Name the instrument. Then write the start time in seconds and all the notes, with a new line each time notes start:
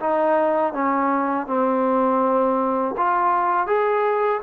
trombone
0.00 D#4
0.73 C#4
1.46 C4
2.97 F4
3.67 G#4